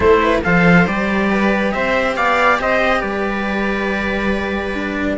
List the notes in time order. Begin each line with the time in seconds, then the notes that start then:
0.00 A3 E4 A4 C5
0.21 B4
0.42 F3 A4 C5 F5
0.87 G3 G4 D5
1.31 B4
1.71 C4 C5 E5
2.15 B3 D5 F5
2.59 C4 C5 D#5
3.00 G3 B4 D5
4.74 D4